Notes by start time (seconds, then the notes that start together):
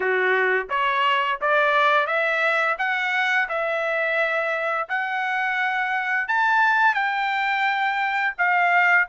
0.00 F#4
0.69 C#5
1.41 D5
2.06 E5
2.78 F#5
3.48 E5
4.88 F#5
6.28 A5
6.94 G5
8.38 F5